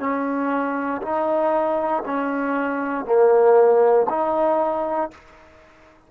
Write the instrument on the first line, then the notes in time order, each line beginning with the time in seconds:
trombone
0.00 C#4
1.02 D#4
2.06 C#4
3.06 A#3
4.10 D#4